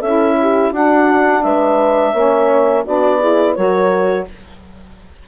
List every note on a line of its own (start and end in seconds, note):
0.00 0.71 C#4
0.00 0.73 E4
0.00 0.35 A4
0.00 0.72 E5
0.40 0.71 G4
0.71 1.42 D4
0.71 2.14 D4
0.71 1.42 F#4
0.71 1.42 F#5
1.42 2.13 G#3
1.42 2.12 B4
1.42 2.84 E5
2.12 2.84 A#3
2.12 2.85 C#4
2.12 2.83 C#5
2.85 3.57 B3
2.85 3.21 D4
2.85 3.19 F#4
2.85 3.54 D5
3.19 3.56 E4
3.19 3.55 G#4
3.54 4.27 F#3
3.54 4.27 F#4
3.54 4.27 A#4
3.54 4.25 C#5